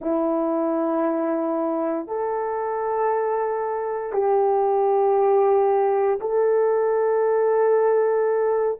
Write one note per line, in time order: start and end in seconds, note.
0.00 2.07 E4
2.07 4.12 A4
4.12 6.19 G4
6.20 8.78 A4